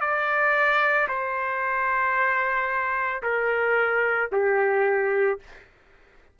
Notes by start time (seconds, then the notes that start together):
0.00 D5
1.08 C5
3.22 A#4
4.32 G4